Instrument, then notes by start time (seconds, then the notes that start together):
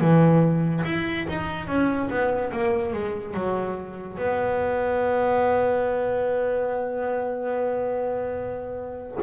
double bass
0.00 E3
0.84 E4
1.28 D#4
1.67 C#4
2.10 B3
2.52 A#3
2.93 G#3
3.34 F#3
4.17 B3